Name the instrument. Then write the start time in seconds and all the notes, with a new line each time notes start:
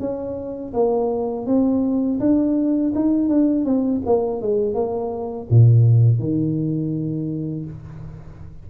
tuba
0.00 C#4
0.74 A#3
1.46 C4
2.20 D4
2.95 D#4
3.29 D4
3.65 C4
4.06 A#3
4.42 G#3
4.74 A#3
5.50 A#2
6.19 D#3